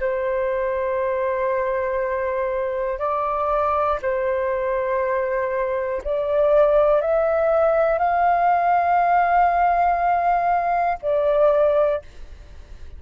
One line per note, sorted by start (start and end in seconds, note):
0.00 2.99 C5
2.99 3.99 D5
4.01 6.01 C5
6.04 7.01 D5
7.01 7.98 E5
7.98 10.98 F5
11.02 12.02 D5